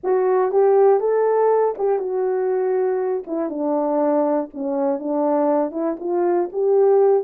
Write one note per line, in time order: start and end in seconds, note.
0.03 0.51 F#4
0.51 1.00 G4
1.00 1.75 A4
1.78 1.98 G4
1.98 3.23 F#4
3.26 3.49 E4
3.49 4.49 D4
4.53 4.99 C#4
4.99 5.71 D4
5.71 5.96 E4
5.99 6.49 F4
6.52 7.24 G4